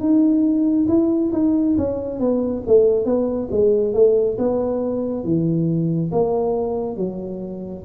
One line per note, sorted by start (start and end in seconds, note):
0.00 0.87 D#4
0.88 1.31 E4
1.33 1.76 D#4
1.77 2.20 C#4
2.20 2.63 B3
2.67 3.05 A3
3.05 3.49 B3
3.51 3.94 G#3
3.94 4.38 A3
4.38 5.24 B3
5.24 6.11 E3
6.11 6.96 A#3
6.96 7.83 F#3